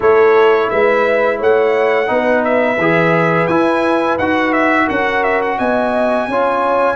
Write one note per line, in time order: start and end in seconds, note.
0.00 0.70 A3
0.00 2.06 E4
0.00 0.68 A4
0.00 0.70 C#5
0.70 1.40 G#3
0.70 1.38 B4
0.70 1.39 E5
1.38 2.09 A3
1.38 2.08 C#5
1.38 2.44 F#5
2.06 2.78 B3
2.06 2.76 D#4
2.06 4.86 B4
2.44 3.47 E5
2.78 3.48 E3
2.78 3.49 G#4
3.47 4.17 E4
3.47 4.19 E4
3.47 4.16 G#5
4.18 4.88 D#4
4.18 6.30 F#4
4.18 4.52 F#5
4.52 4.87 E5
4.86 5.59 C#4
4.86 5.56 A#4
4.86 5.23 F#5
5.23 5.41 E5
5.42 5.59 F#5
5.58 6.27 B3
5.58 6.28 D#5
5.58 6.95 G#5
6.27 6.95 C#4
6.27 6.95 F4
6.27 6.95 C#5